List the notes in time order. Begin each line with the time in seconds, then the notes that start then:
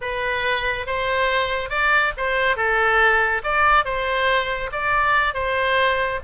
0.01 B4
0.86 C5
1.69 D5
2.17 C5
2.56 A4
3.43 D5
3.84 C5
4.71 D5
5.34 C5